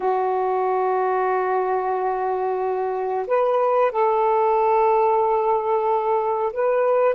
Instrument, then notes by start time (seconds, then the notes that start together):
saxophone
0.00 F#4
3.27 B4
3.91 A4
6.52 B4